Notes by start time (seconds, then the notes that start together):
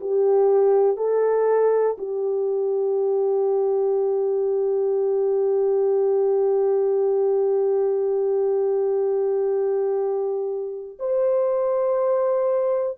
0.00 G4
0.96 A4
1.98 G4
10.99 C5